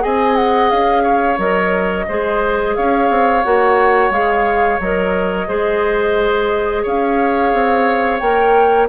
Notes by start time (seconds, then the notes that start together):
0.00 C4 G#4 D#5 G#5
0.36 F#5
0.70 C#4 F5
1.03 C#5
1.37 F#3 A#4 D#5
2.08 G#3 G#4 C5
2.75 C#4 C#5 F5
3.09 C4
3.43 A#3 F#4 F#5
4.10 G#3 G#4 F5
4.80 F#3 A#4 D#5
5.48 G#3 G#4 C5
6.83 C#4 C#5 F5
7.53 C4
8.19 A#3 A#4 G5